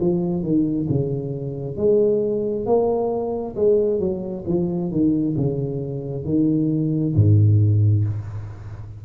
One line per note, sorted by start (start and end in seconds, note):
0.00 0.43 F3
0.43 0.88 D#3
0.89 1.77 C#3
1.77 2.66 G#3
2.66 3.55 A#3
3.55 4.00 G#3
4.00 4.45 F#3
4.47 4.91 F3
4.91 5.36 D#3
5.36 6.25 C#3
6.25 7.14 D#3
7.15 8.04 G#2